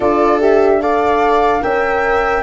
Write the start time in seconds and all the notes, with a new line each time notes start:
0.00 D4 F4 A4 D5
0.40 G4 E5
0.81 A4 D5 F5
1.61 C#4 A#4 E5 G5